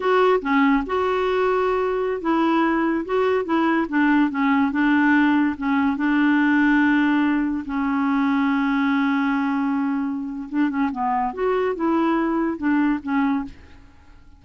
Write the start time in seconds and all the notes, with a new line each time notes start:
0.00 F#4
0.41 C#4
0.86 F#4
2.21 E4
3.05 F#4
3.45 E4
3.88 D4
4.30 C#4
4.71 D4
5.57 C#4
5.96 D4
7.65 C#4
10.49 D4
10.69 C#4
10.91 B3
11.33 F#4
11.75 E4
12.57 D4
13.02 C#4